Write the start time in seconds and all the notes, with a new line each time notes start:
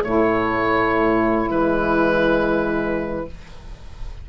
0.00 A2 A3 E4 C#5
1.50 E3 G#3 B4